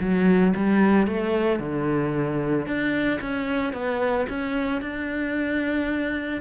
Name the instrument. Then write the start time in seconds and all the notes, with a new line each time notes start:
cello
0.00 F#3
0.56 G3
1.07 A3
1.59 D3
2.66 D4
3.21 C#4
3.73 B3
4.29 C#4
4.81 D4